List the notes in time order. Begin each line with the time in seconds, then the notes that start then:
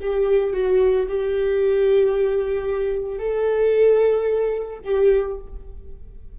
0.00 G4
0.53 F#4
1.08 G4
3.19 A4
4.84 G4